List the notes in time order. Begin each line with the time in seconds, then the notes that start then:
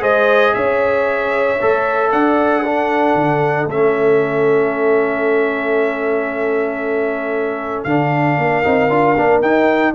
0.00 G#3 G#4 C5 D#5
0.54 C#4 C#5 E5
1.62 A3 A4
2.12 D4 D5 F#5
2.63 D4 A4
3.15 D3
3.67 A3 C#4 E5
7.84 D3 D4 F5
8.37 A#3 A#4
8.64 C4 D#4
8.90 D4 F4
9.17 A#3 D4
9.41 D#4 G5